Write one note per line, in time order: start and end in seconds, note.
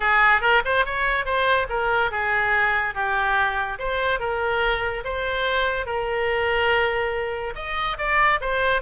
0.00 0.41 G#4
0.41 0.62 A#4
0.64 0.85 C5
0.85 1.25 C#5
1.25 1.67 C5
1.69 2.11 A#4
2.11 2.94 G#4
2.94 3.78 G4
3.78 4.19 C5
4.19 5.03 A#4
5.04 5.86 C5
5.86 7.54 A#4
7.55 7.97 D#5
7.97 8.39 D5
8.40 8.81 C5